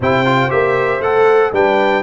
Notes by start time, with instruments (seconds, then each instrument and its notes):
0.00 tuba C3, trombone E4, horn C5, trumpet G5
0.25 trombone F4
0.49 tuba A#3, trombone G4, trumpet E5
1.00 tuba A3, trombone A4, trumpet F#5
1.52 tuba G3, trombone D4, horn B4, trumpet G5